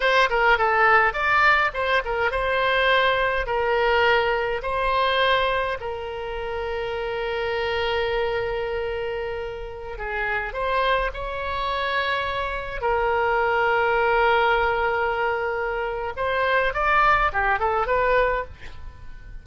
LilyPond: \new Staff \with { instrumentName = "oboe" } { \time 4/4 \tempo 4 = 104 c''8 ais'8 a'4 d''4 c''8 ais'8 | c''2 ais'2 | c''2 ais'2~ | ais'1~ |
ais'4~ ais'16 gis'4 c''4 cis''8.~ | cis''2~ cis''16 ais'4.~ ais'16~ | ais'1 | c''4 d''4 g'8 a'8 b'4 | }